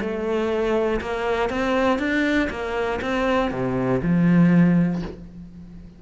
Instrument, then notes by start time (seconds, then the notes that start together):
cello
0.00 A3
1.00 A#3
1.50 C4
1.98 D4
2.50 A#3
3.01 C4
3.50 C3
4.02 F3